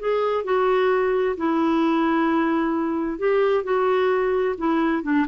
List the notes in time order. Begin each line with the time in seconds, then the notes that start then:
0.00 G#4
0.44 F#4
1.37 E4
3.19 G4
3.64 F#4
4.58 E4
5.03 D4